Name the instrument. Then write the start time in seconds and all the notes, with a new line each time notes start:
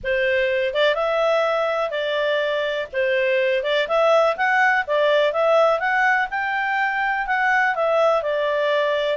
clarinet
0.03 C5
0.74 D5
0.94 E5
1.90 D5
2.93 C5
3.63 D5
3.88 E5
4.37 F#5
4.87 D5
5.32 E5
5.79 F#5
6.30 G5
7.26 F#5
7.75 E5
8.22 D5